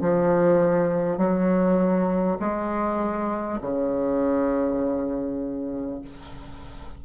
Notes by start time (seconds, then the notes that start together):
0.00 F3
1.17 F#3
2.39 G#3
3.61 C#3